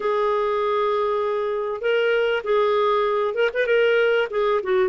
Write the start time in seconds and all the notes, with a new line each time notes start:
0.00 G#4
1.81 A#4
2.43 G#4
3.34 A#4
3.53 B4
3.66 A#4
4.30 G#4
4.63 F#4